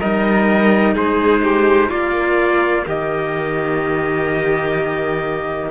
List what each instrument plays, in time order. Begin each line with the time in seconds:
0.00 cello G3 D#4, violin A#4, trumpet D#5
0.95 cello G#3, violin G#4, trumpet C5
1.43 violin G4
1.89 cello A#3, violin F4, trumpet D5
2.86 cello D#3, violin G4, trumpet D#5